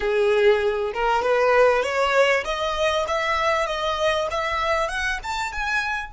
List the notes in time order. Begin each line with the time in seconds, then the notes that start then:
0.00 G#4
0.93 A#4
1.22 B4
1.82 C#5
2.44 D#5
3.07 E5
3.66 D#5
4.30 E5
4.88 F#5
5.23 A5
5.52 G#5